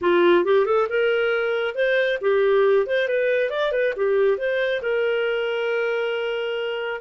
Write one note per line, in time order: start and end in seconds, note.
0.01 0.44 F4
0.44 0.65 G4
0.65 0.87 A4
0.89 1.74 A#4
1.74 2.18 C5
2.21 2.86 G4
2.86 3.08 C5
3.08 3.50 B4
3.50 3.71 D5
3.71 3.93 B4
3.96 4.37 G4
4.37 4.81 C5
4.82 7.00 A#4